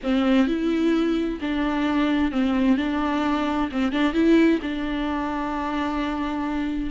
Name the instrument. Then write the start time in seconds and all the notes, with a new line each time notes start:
viola
0.03 C4
0.47 E4
1.40 D4
2.31 C4
2.77 D4
3.71 C4
3.91 D4
4.13 E4
4.62 D4